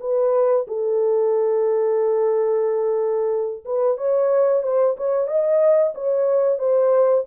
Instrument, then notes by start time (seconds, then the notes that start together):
horn
0.00 B4
0.67 A4
3.64 B4
3.97 C#5
4.63 C5
4.97 C#5
5.27 D#5
5.95 C#5
6.58 C5